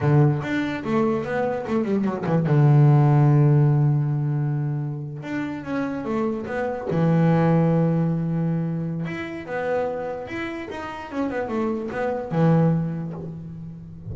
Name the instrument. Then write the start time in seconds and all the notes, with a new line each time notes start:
double bass
0.00 D3
0.42 D4
0.84 A3
1.24 B3
1.67 A3
1.84 G3
2.04 F#3
2.26 E3
2.46 D3
5.22 D4
5.64 C#4
6.04 A3
6.46 B3
6.90 E3
9.05 E4
9.46 B3
10.27 E4
10.70 D#4
11.11 C#4
11.30 B3
11.48 A3
11.91 B3
12.31 E3